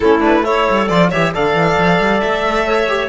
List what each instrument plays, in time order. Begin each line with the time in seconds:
0.00 cello A3, trombone C#4, clarinet E4, violin A4
0.20 trombone D4, violin B4
0.43 trombone E4, clarinet A4, violin C#5
0.70 cello G3
0.87 cello F3, trombone F4, violin D5
1.10 cello E3, trombone G4, clarinet C#5, violin E5
1.34 cello D3, trombone A4, clarinet D5, violin F5
1.53 cello E3
1.77 cello F3
1.99 cello G3
2.20 cello A3, violin E5
2.66 clarinet C#5
2.87 trombone G4